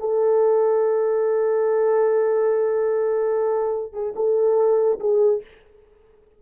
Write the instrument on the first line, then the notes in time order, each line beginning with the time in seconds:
horn
0.00 A4
3.93 G#4
4.16 A4
5.00 G#4